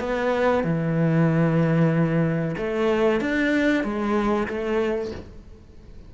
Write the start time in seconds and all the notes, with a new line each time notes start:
0.00 B3
0.64 E3
2.58 A3
3.21 D4
3.84 G#3
4.48 A3